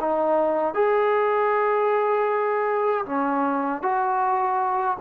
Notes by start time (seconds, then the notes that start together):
0.00 D#4
0.74 G#4
3.05 C#4
3.82 F#4